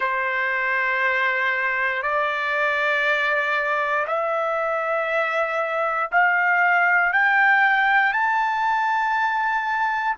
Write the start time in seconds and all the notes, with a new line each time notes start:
0.00 C5
2.02 D5
4.07 E5
6.11 F5
7.12 G5
8.13 A5